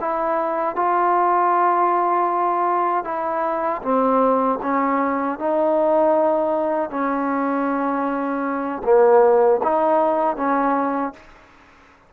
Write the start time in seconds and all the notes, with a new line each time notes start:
0.00 E4
0.75 F4
3.04 E4
3.82 C4
4.62 C#4
5.38 D#4
6.90 C#4
8.84 A#3
9.63 D#4
10.36 C#4